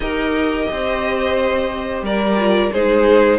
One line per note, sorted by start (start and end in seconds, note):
0.00 0.66 D#4
0.00 2.37 G4
0.00 0.70 A#4
0.00 2.03 D#5
0.71 2.02 C4
0.71 2.04 C5
2.02 2.70 G3
2.02 2.72 A#4
2.02 2.72 D5
2.37 2.71 F4
2.72 3.39 G#3
2.72 3.39 D#4
2.72 3.39 G#4
2.72 3.39 C5